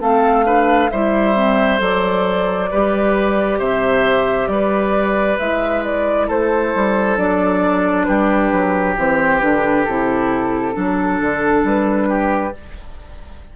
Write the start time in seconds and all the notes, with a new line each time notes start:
0.00 A3 C4 A4 F5
0.45 D4 B4
0.90 G3 E4 C5 E5
1.34 C4
1.78 F#3 A4 D5
2.71 G3 G4 B4
3.58 C3 C5 E5
4.48 G3 B4 D5
5.38 G#3 E4 E5
5.84 D5
6.27 A3 A4 C5
6.75 G3
7.17 F#3 D4 D5
8.04 G3 G4 B4
8.52 F#3
8.96 E3 C4 C5
9.40 D3 D4 B4
9.85 C3 E4 A4
10.73 F#3 D4 A4
11.21 D3
11.63 G3 B4
12.08 G4